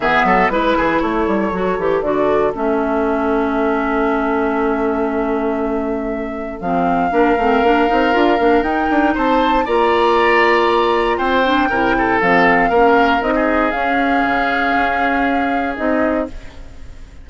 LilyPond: <<
  \new Staff \with { instrumentName = "flute" } { \time 4/4 \tempo 4 = 118 e''4 b'4 cis''2 | d''4 e''2.~ | e''1~ | e''4 f''2.~ |
f''4 g''4 a''4 ais''4~ | ais''2 g''2 | f''2 dis''4 f''4~ | f''2. dis''4 | }
  \new Staff \with { instrumentName = "oboe" } { \time 4/4 gis'8 a'8 b'8 gis'8 a'2~ | a'1~ | a'1~ | a'2 ais'2~ |
ais'2 c''4 d''4~ | d''2 c''4 ais'8 a'8~ | a'4 ais'4~ ais'16 gis'4.~ gis'16~ | gis'1 | }
  \new Staff \with { instrumentName = "clarinet" } { \time 4/4 b4 e'2 fis'8 g'8 | fis'4 cis'2.~ | cis'1~ | cis'4 c'4 d'8 c'8 d'8 dis'8 |
f'8 d'8 dis'2 f'4~ | f'2~ f'8 d'8 e'4 | c'4 cis'4 dis'4 cis'4~ | cis'2. dis'4 | }
  \new Staff \with { instrumentName = "bassoon" } { \time 4/4 e8 fis8 gis8 e8 a8 g8 fis8 e8 | d4 a2.~ | a1~ | a4 f4 ais8 a8 ais8 c'8 |
d'8 ais8 dis'8 d'8 c'4 ais4~ | ais2 c'4 c4 | f4 ais4 c'4 cis'4 | cis4 cis'2 c'4 | }
>>